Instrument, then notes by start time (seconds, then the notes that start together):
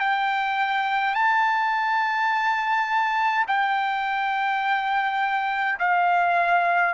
trumpet
0.00 G5
1.14 A5
3.48 G5
5.80 F5